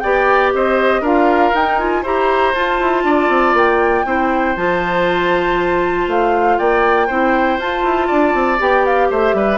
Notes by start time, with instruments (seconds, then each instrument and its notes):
0.00 bassoon B3, clarinet G4, oboe D5, flute G5
0.54 bassoon C4, oboe C5, flute D#5
1.01 bassoon D4, clarinet F4, oboe A#4, flute F5
1.54 clarinet D#4, bassoon D#4, flute G5
1.78 clarinet F4, flute G#5
2.03 bassoon E4, clarinet G4, oboe C5, flute A#5
2.55 bassoon F4, clarinet F4, flute A5
2.80 bassoon E4
3.04 bassoon D4, oboe D5
3.29 bassoon C4
3.54 bassoon A#3, flute G5
4.06 bassoon C4, clarinet E4, oboe C5
4.56 bassoon F3, clarinet F4, flute A5
6.07 bassoon A3, flute F5
6.59 bassoon A#3, oboe D5, flute G5
7.07 bassoon C4, clarinet E4, oboe C5
7.59 bassoon F4, clarinet F4, flute A5
7.84 bassoon E4
8.08 bassoon D4, oboe D5
8.35 bassoon C4
8.59 bassoon B3, clarinet G4, flute G5
8.86 flute F5
9.11 bassoon A3, oboe C5, flute E5
9.34 bassoon G3, oboe B4